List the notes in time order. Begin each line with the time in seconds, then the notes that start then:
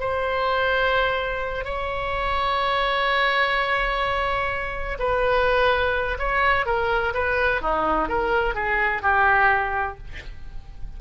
0.00 C5
1.65 C#5
4.99 B4
6.19 C#5
6.66 A#4
7.14 B4
7.62 D#4
8.09 A#4
8.55 G#4
9.03 G4